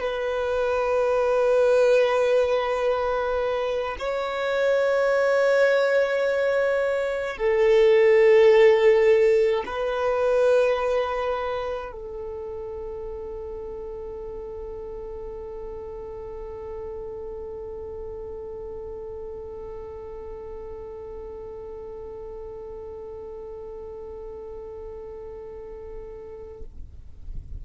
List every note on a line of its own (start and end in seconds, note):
0.00 3.96 B4
3.99 7.37 C#5
7.37 9.63 A4
9.66 11.92 B4
11.92 26.63 A4